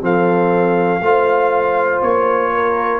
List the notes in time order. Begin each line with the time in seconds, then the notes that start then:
0.00 F3 C4 A4 F5
1.00 A3 F4 C5
2.02 A#3 C#5
2.54 A#4